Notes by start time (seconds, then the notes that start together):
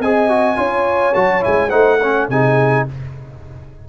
0.00 C4 G#4 D#5 G#5
0.30 F#4
0.56 C#4 F4 C#5
1.15 F#3 F#4 A5
1.41 G#3 E4 G#5
1.70 A3 D#4 C5 F#5
2.00 C#4 C#5
2.29 C3 D#4 G#4 G#5